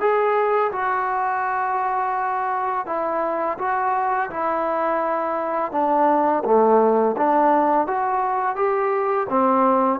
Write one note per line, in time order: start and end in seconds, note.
0.00 0.71 G#4
0.72 2.86 F#4
2.86 3.57 E4
3.58 4.30 F#4
4.30 5.72 E4
5.72 6.43 D4
6.44 7.16 A3
7.17 7.87 D4
7.87 8.56 F#4
8.56 9.27 G4
9.29 10.00 C4